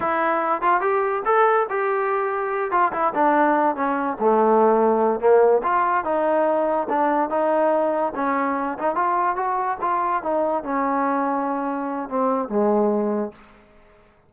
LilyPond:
\new Staff \with { instrumentName = "trombone" } { \time 4/4 \tempo 4 = 144 e'4. f'8 g'4 a'4 | g'2~ g'8 f'8 e'8 d'8~ | d'4 cis'4 a2~ | a8 ais4 f'4 dis'4.~ |
dis'8 d'4 dis'2 cis'8~ | cis'4 dis'8 f'4 fis'4 f'8~ | f'8 dis'4 cis'2~ cis'8~ | cis'4 c'4 gis2 | }